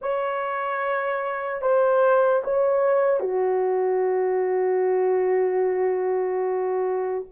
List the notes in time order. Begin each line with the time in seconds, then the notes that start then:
0.01 C#5
1.61 C5
2.44 C#5
3.20 F#4